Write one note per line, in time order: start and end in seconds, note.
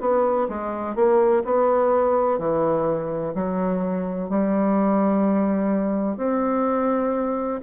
0.00 0.48 B3
0.48 0.95 G#3
0.95 1.43 A#3
1.45 2.39 B3
2.39 3.34 E3
3.34 4.29 F#3
4.29 6.17 G3
6.17 7.60 C4